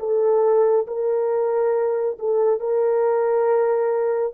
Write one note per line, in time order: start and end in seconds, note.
0.00 0.87 A4
0.88 2.18 A#4
2.19 2.60 A4
2.60 4.34 A#4